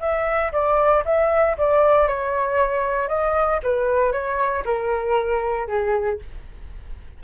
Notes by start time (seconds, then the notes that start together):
0.00 E5
0.52 D5
1.05 E5
1.58 D5
2.08 C#5
3.08 D#5
3.63 B4
4.12 C#5
4.65 A#4
5.68 G#4